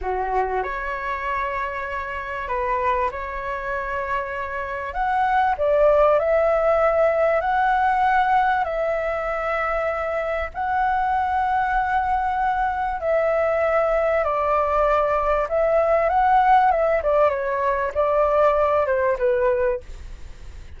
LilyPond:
\new Staff \with { instrumentName = "flute" } { \time 4/4 \tempo 4 = 97 fis'4 cis''2. | b'4 cis''2. | fis''4 d''4 e''2 | fis''2 e''2~ |
e''4 fis''2.~ | fis''4 e''2 d''4~ | d''4 e''4 fis''4 e''8 d''8 | cis''4 d''4. c''8 b'4 | }